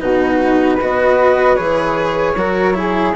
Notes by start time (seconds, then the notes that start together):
0.00 B2 D#4 F#4 B4
0.75 B3 B4 D#5
0.81 F#4
1.56 E3 G#4 C#5
2.35 F#3 F#4 A#4
2.74 E4 G#4